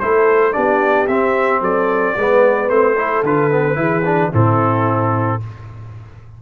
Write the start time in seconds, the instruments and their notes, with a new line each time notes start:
0.00 tuba A3, trombone E4, horn A4, trumpet C5
0.53 tuba B3, trombone D4, horn G4, trumpet D5
1.07 tuba C4, trombone C4, trumpet E5
1.61 tuba F#3, horn A4, trumpet D5
2.16 tuba G#3, trombone B3, horn B4
2.69 tuba A3, trombone C4, trumpet C5
2.97 trombone E4, horn A4
3.23 tuba D3, trombone F4, trumpet B4
3.51 trombone B3
3.75 tuba E3, trombone E4, horn G#4
4.05 trombone D4
4.30 tuba A2, trombone C4, horn E4, trumpet A4